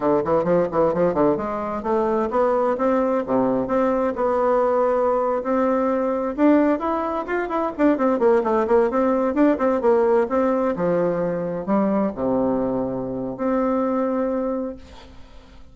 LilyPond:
\new Staff \with { instrumentName = "bassoon" } { \time 4/4 \tempo 4 = 130 d8 e8 f8 e8 f8 d8 gis4 | a4 b4 c'4 c4 | c'4 b2~ b8. c'16~ | c'4.~ c'16 d'4 e'4 f'16~ |
f'16 e'8 d'8 c'8 ais8 a8 ais8 c'8.~ | c'16 d'8 c'8 ais4 c'4 f8.~ | f4~ f16 g4 c4.~ c16~ | c4 c'2. | }